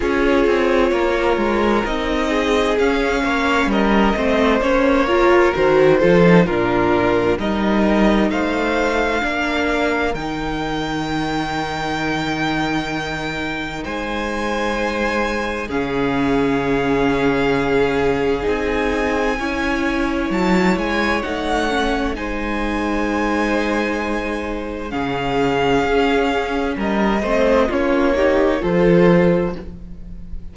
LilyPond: <<
  \new Staff \with { instrumentName = "violin" } { \time 4/4 \tempo 4 = 65 cis''2 dis''4 f''4 | dis''4 cis''4 c''4 ais'4 | dis''4 f''2 g''4~ | g''2. gis''4~ |
gis''4 f''2. | gis''2 a''8 gis''8 fis''4 | gis''2. f''4~ | f''4 dis''4 cis''4 c''4 | }
  \new Staff \with { instrumentName = "violin" } { \time 4/4 gis'4 ais'4. gis'4 cis''8 | ais'8 c''4 ais'4 a'8 f'4 | ais'4 c''4 ais'2~ | ais'2. c''4~ |
c''4 gis'2.~ | gis'4 cis''2. | c''2. gis'4~ | gis'4 ais'8 c''8 f'8 g'8 a'4 | }
  \new Staff \with { instrumentName = "viola" } { \time 4/4 f'2 dis'4 cis'4~ | cis'8 c'8 cis'8 f'8 fis'8 f'16 dis'16 d'4 | dis'2 d'4 dis'4~ | dis'1~ |
dis'4 cis'2. | dis'4 e'2 dis'8 cis'8 | dis'2. cis'4~ | cis'4. c'8 cis'8 dis'8 f'4 | }
  \new Staff \with { instrumentName = "cello" } { \time 4/4 cis'8 c'8 ais8 gis8 c'4 cis'8 ais8 | g8 a8 ais4 dis8 f8 ais,4 | g4 a4 ais4 dis4~ | dis2. gis4~ |
gis4 cis2. | c'4 cis'4 fis8 gis8 a4 | gis2. cis4 | cis'4 g8 a8 ais4 f4 | }
>>